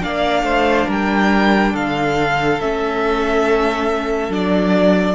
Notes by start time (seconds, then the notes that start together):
0.00 A#3 D4 D5 F5
0.43 A3 C5
0.87 G3 A#4 G5
1.73 D3 A4 F5
2.61 A3 C#4 E5
4.29 F#3 D4 D5